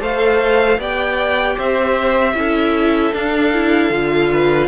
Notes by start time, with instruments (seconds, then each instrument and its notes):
0.00 cello A3, viola A4, violin C5 F5
0.78 cello B3, viola G4, violin D5 G5
1.56 cello C4, violin C5 E5
2.34 cello C#4, viola E4, violin A4
3.12 viola D4, cello D4, violin F5
3.53 viola E4
3.89 cello D3, viola F4
4.31 violin B4